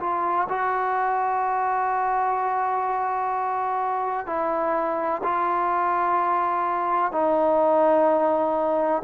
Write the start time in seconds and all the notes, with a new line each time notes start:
0.00 F4
0.49 F#4
4.27 E4
5.23 F4
7.12 D#4